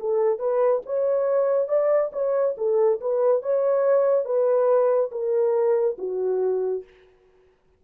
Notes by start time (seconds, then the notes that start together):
0.00 A4
0.39 B4
0.86 C#5
1.68 D5
2.13 C#5
2.58 A4
3.01 B4
3.42 C#5
4.25 B4
5.12 A#4
5.98 F#4